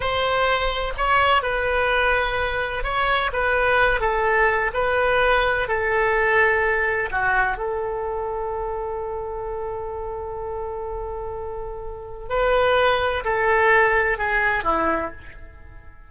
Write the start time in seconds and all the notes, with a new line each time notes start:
0.00 C5
0.97 C#5
1.42 B4
2.83 C#5
3.33 B4
4.00 A4
4.73 B4
5.68 A4
7.11 F#4
7.57 A4
12.29 B4
13.24 A4
14.17 G#4
14.63 E4